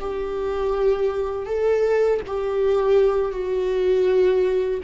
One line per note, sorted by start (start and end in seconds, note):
0.00 1.46 G4
1.46 2.20 A4
2.27 3.32 G4
3.32 4.80 F#4